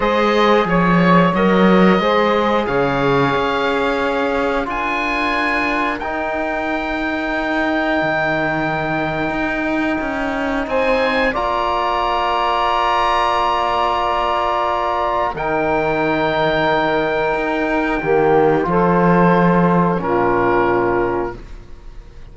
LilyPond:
<<
  \new Staff \with { instrumentName = "oboe" } { \time 4/4 \tempo 4 = 90 dis''4 cis''4 dis''2 | f''2. gis''4~ | gis''4 g''2.~ | g''1 |
gis''4 ais''2.~ | ais''2. g''4~ | g''1 | c''2 ais'2 | }
  \new Staff \with { instrumentName = "saxophone" } { \time 4/4 c''4 cis''2 c''4 | cis''2. ais'4~ | ais'1~ | ais'1 |
c''4 d''2.~ | d''2. ais'4~ | ais'2. g'4 | a'2 f'2 | }
  \new Staff \with { instrumentName = "trombone" } { \time 4/4 gis'2 ais'4 gis'4~ | gis'2. f'4~ | f'4 dis'2.~ | dis'1~ |
dis'4 f'2.~ | f'2. dis'4~ | dis'2. ais4 | f'2 cis'2 | }
  \new Staff \with { instrumentName = "cello" } { \time 4/4 gis4 f4 fis4 gis4 | cis4 cis'2 d'4~ | d'4 dis'2. | dis2 dis'4 cis'4 |
c'4 ais2.~ | ais2. dis4~ | dis2 dis'4 dis4 | f2 ais,2 | }
>>